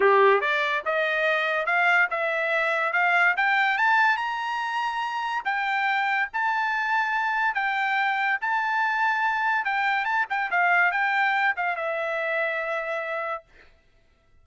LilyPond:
\new Staff \with { instrumentName = "trumpet" } { \time 4/4 \tempo 4 = 143 g'4 d''4 dis''2 | f''4 e''2 f''4 | g''4 a''4 ais''2~ | ais''4 g''2 a''4~ |
a''2 g''2 | a''2. g''4 | a''8 g''8 f''4 g''4. f''8 | e''1 | }